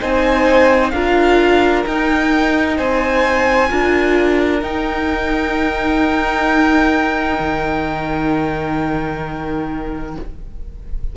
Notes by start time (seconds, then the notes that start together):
0.00 C4 D#4 C5 G#5
0.90 D4 F4 A#4 F5
1.85 D#4 G5
2.76 C4 C5 G#5
3.68 D4 F4 A#4
4.60 D#4 G5
7.39 D#3